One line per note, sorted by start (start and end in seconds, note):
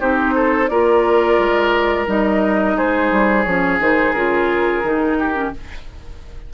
0.00 0.70 C4
0.00 0.69 D#4
0.00 0.35 G4
0.00 0.68 C5
0.35 0.70 A4
0.68 1.38 A#3
0.68 2.06 F4
0.68 2.77 A#4
0.68 2.06 D5
1.38 2.07 G#3
2.06 2.76 G3
2.06 3.44 D#4
2.06 2.78 D#5
2.77 3.11 G#3
2.77 5.18 G#4
2.77 3.43 C5
3.11 3.46 G3
3.43 3.80 F3
3.43 3.80 C#4
3.43 3.78 C#5
3.80 4.14 D#3
3.80 4.14 D#4
3.80 4.13 C5
4.13 4.83 C#3
4.13 4.84 F4
4.13 5.51 A#4
4.83 5.52 D#3
4.83 5.34 D#4
5.19 5.54 G4
5.34 5.51 C#4